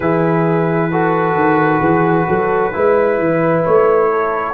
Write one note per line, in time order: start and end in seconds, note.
0.00 1.34 E3
0.00 0.91 E4
0.00 0.91 G#4
0.00 3.63 B4
0.91 2.72 F#4
0.91 1.80 A4
1.34 1.80 D#3
1.80 2.25 E3
1.80 2.25 G#4
2.27 2.74 F#3
2.27 2.73 A4
2.72 3.18 G#3
2.72 4.54 E4
2.72 4.10 B4
3.18 3.64 E3
3.65 4.54 A3
3.65 4.54 C#5
4.10 4.54 A4